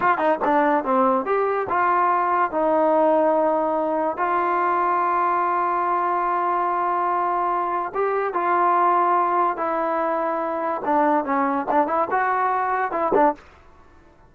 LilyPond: \new Staff \with { instrumentName = "trombone" } { \time 4/4 \tempo 4 = 144 f'8 dis'8 d'4 c'4 g'4 | f'2 dis'2~ | dis'2 f'2~ | f'1~ |
f'2. g'4 | f'2. e'4~ | e'2 d'4 cis'4 | d'8 e'8 fis'2 e'8 d'8 | }